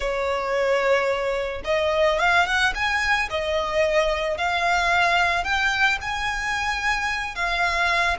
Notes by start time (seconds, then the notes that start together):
0.00 C#5
1.64 D#5
2.19 F5
2.45 F#5
2.74 G#5
3.30 D#5
4.37 F5
5.44 G5
6.01 G#5
7.35 F5